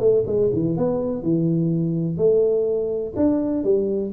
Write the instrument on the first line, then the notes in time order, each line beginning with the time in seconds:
tuba
0.00 A3
0.27 G#3
0.53 E3
0.77 B3
1.22 E3
2.18 A3
3.17 D4
3.64 G3